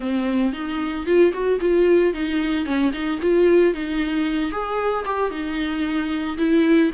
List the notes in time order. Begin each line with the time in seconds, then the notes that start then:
0.00 C4
0.52 D#4
1.05 F4
1.33 F#4
1.60 F4
2.13 D#4
2.65 C#4
2.93 D#4
3.21 F4
3.74 D#4
4.51 G#4
5.05 G4
5.30 D#4
6.37 E4